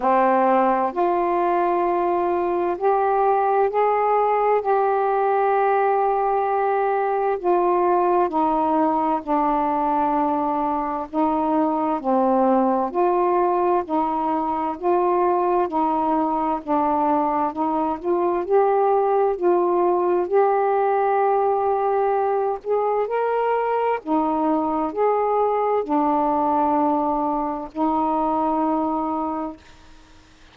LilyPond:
\new Staff \with { instrumentName = "saxophone" } { \time 4/4 \tempo 4 = 65 c'4 f'2 g'4 | gis'4 g'2. | f'4 dis'4 d'2 | dis'4 c'4 f'4 dis'4 |
f'4 dis'4 d'4 dis'8 f'8 | g'4 f'4 g'2~ | g'8 gis'8 ais'4 dis'4 gis'4 | d'2 dis'2 | }